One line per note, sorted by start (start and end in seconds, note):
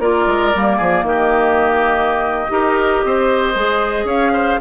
0.00 0.26 A#3
0.00 0.54 F4
0.00 0.78 A#4
0.00 1.06 D5
0.27 0.53 G#3
0.55 0.81 G3
0.55 2.50 A#3
0.78 1.03 F3
0.78 1.04 G#4
1.03 2.48 D#3
1.03 2.52 G4
1.03 4.08 D#5
2.50 3.03 D#4
2.50 3.55 G4
2.50 3.05 A#4
3.05 3.55 C4
3.05 4.06 C5
3.55 4.05 G#3
3.55 4.61 G#4
4.05 4.57 C#4
4.05 4.32 C#5
4.05 4.61 F5
4.33 4.59 C5